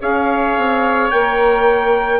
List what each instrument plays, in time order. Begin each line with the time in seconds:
0.00 bassoon C#4, saxophone G#4, oboe C#5, trumpet F5
0.57 bassoon C4
1.11 bassoon A#3, saxophone A#4, trumpet G5